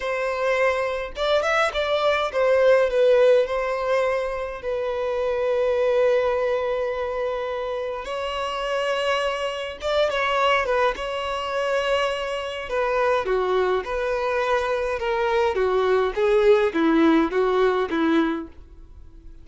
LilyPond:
\new Staff \with { instrumentName = "violin" } { \time 4/4 \tempo 4 = 104 c''2 d''8 e''8 d''4 | c''4 b'4 c''2 | b'1~ | b'2 cis''2~ |
cis''4 d''8 cis''4 b'8 cis''4~ | cis''2 b'4 fis'4 | b'2 ais'4 fis'4 | gis'4 e'4 fis'4 e'4 | }